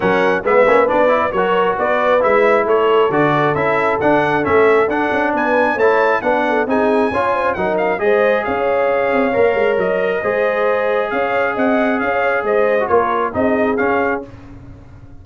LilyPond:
<<
  \new Staff \with { instrumentName = "trumpet" } { \time 4/4 \tempo 4 = 135 fis''4 e''4 d''4 cis''4 | d''4 e''4 cis''4 d''4 | e''4 fis''4 e''4 fis''4 | gis''4 a''4 fis''4 gis''4~ |
gis''4 fis''8 f''8 dis''4 f''4~ | f''2 dis''2~ | dis''4 f''4 fis''4 f''4 | dis''4 cis''4 dis''4 f''4 | }
  \new Staff \with { instrumentName = "horn" } { \time 4/4 ais'4 b'2 ais'4 | b'2 a'2~ | a'1 | b'4 cis''4 b'8 a'8 gis'4 |
cis''8 c''8 ais'4 c''4 cis''4~ | cis''2. c''4~ | c''4 cis''4 dis''4 cis''4 | c''4 ais'4 gis'2 | }
  \new Staff \with { instrumentName = "trombone" } { \time 4/4 cis'4 b8 cis'8 d'8 e'8 fis'4~ | fis'4 e'2 fis'4 | e'4 d'4 cis'4 d'4~ | d'4 e'4 d'4 dis'4 |
f'4 dis'4 gis'2~ | gis'4 ais'2 gis'4~ | gis'1~ | gis'8. fis'16 f'4 dis'4 cis'4 | }
  \new Staff \with { instrumentName = "tuba" } { \time 4/4 fis4 gis8 ais8 b4 fis4 | b4 gis4 a4 d4 | cis'4 d'4 a4 d'8 cis'8 | b4 a4 b4 c'4 |
cis'4 fis4 gis4 cis'4~ | cis'8 c'8 ais8 gis8 fis4 gis4~ | gis4 cis'4 c'4 cis'4 | gis4 ais4 c'4 cis'4 | }
>>